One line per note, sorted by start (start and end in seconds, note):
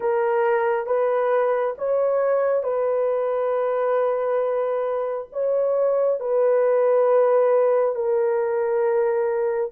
0.00 0.86 A#4
0.86 1.74 B4
1.78 2.63 C#5
2.63 5.27 B4
5.32 6.20 C#5
6.20 7.95 B4
7.95 9.71 A#4